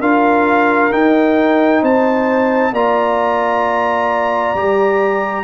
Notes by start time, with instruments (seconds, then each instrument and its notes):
0.00 tuba D4, trombone F4, horn A#4, trumpet F5
0.91 trombone D#4, tuba D#4, trumpet G5
1.81 tuba C4, horn C5, trumpet A5
2.71 tuba A#3, trombone F4, horn D5, trumpet A#5
4.54 tuba G3, trombone G4